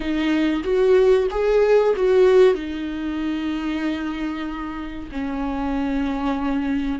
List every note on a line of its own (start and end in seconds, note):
0.00 0.63 D#4
0.63 1.27 F#4
1.30 1.94 G#4
1.96 2.54 F#4
2.54 5.09 D#4
5.11 6.99 C#4